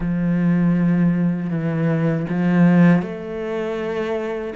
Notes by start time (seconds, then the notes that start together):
0.00 F3
1.50 E3
2.29 F3
3.02 A3